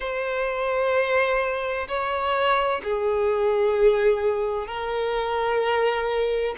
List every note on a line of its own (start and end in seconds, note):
0.00 1.87 C5
1.87 2.81 C#5
2.83 4.67 G#4
4.67 6.55 A#4